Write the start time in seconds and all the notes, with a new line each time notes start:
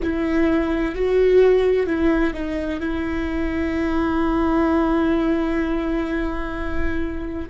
0.03 E4
0.95 F#4
1.86 E4
2.34 D#4
2.80 E4